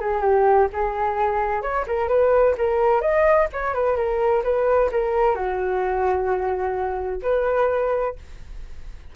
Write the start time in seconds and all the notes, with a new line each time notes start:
0.00 G#4
0.21 G4
0.73 G#4
1.62 C#5
1.87 A#4
2.08 B4
2.58 A#4
3.01 D#5
3.53 C#5
3.74 B4
3.96 A#4
4.44 B4
4.91 A#4
5.35 F#4
7.22 B4